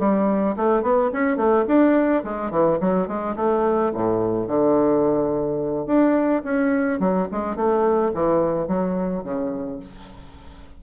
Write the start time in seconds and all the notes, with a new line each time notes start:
0.00 G3
0.57 A3
0.83 B3
1.13 C#4
1.37 A3
1.68 D4
2.24 G#3
2.51 E3
2.81 F#3
3.08 G#3
3.36 A3
3.95 A2
4.48 D3
5.87 D4
6.44 C#4
7.00 F#3
7.32 G#3
7.56 A3
8.14 E3
8.68 F#3
9.24 C#3